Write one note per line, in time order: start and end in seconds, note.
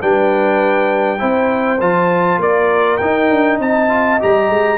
0.00 1.21 G3
0.00 1.18 D4
0.00 1.19 B4
0.00 1.81 G5
1.18 1.81 C4
1.18 1.78 E4
1.18 2.39 C5
1.80 2.38 F3
1.80 3.00 F4
1.80 2.41 A5
2.38 2.98 A#3
2.38 3.59 A#4
2.38 2.97 D5
2.97 3.30 D#4
2.97 3.88 D#4
2.97 3.57 G5
3.30 3.59 D4
3.59 4.19 C4
3.59 4.77 D#5
3.59 4.21 A5
3.88 4.18 F4
4.19 4.49 G3
4.19 4.77 G4
4.19 4.77 A#5
4.49 4.77 G#3